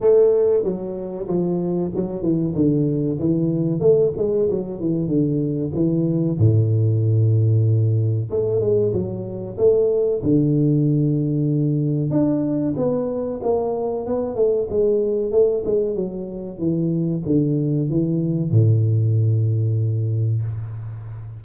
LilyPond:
\new Staff \with { instrumentName = "tuba" } { \time 4/4 \tempo 4 = 94 a4 fis4 f4 fis8 e8 | d4 e4 a8 gis8 fis8 e8 | d4 e4 a,2~ | a,4 a8 gis8 fis4 a4 |
d2. d'4 | b4 ais4 b8 a8 gis4 | a8 gis8 fis4 e4 d4 | e4 a,2. | }